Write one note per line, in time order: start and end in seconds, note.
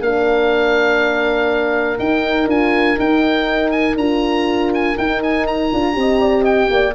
0.00 1.98 A#3
0.00 1.98 D4
0.00 5.98 A#4
0.00 1.98 F5
1.98 2.48 D#4
1.98 2.47 D#4
1.98 2.48 G5
2.47 2.97 D4
2.47 2.95 F4
2.47 2.99 G#5
2.95 3.95 D#4
2.95 3.96 D#4
2.95 3.71 G5
3.71 3.95 G#5
3.96 4.95 D4
3.96 4.98 F4
3.96 4.72 A#5
4.74 4.97 G#5
4.97 5.72 D#4
4.97 5.71 D#4
4.97 5.22 G5
5.23 5.46 G#5
5.46 6.45 A#5
5.71 5.95 D4
5.71 5.93 F4
5.93 6.70 C4
5.93 6.92 G4
5.99 6.21 D#5
6.21 6.42 D5
6.42 6.67 D#5
6.42 6.94 G5
6.70 6.94 A#3
6.70 6.94 D5